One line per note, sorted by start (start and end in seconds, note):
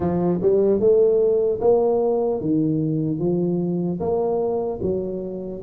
0.00 0.40 F3
0.41 0.80 G3
0.80 1.60 A3
1.60 2.40 A#3
2.40 3.19 D#3
3.19 3.99 F3
4.00 4.80 A#3
4.81 5.61 F#3